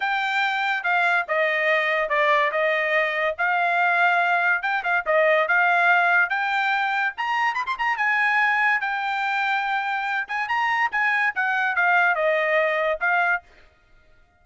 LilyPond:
\new Staff \with { instrumentName = "trumpet" } { \time 4/4 \tempo 4 = 143 g''2 f''4 dis''4~ | dis''4 d''4 dis''2 | f''2. g''8 f''8 | dis''4 f''2 g''4~ |
g''4 ais''4 b''16 c'''16 ais''8 gis''4~ | gis''4 g''2.~ | g''8 gis''8 ais''4 gis''4 fis''4 | f''4 dis''2 f''4 | }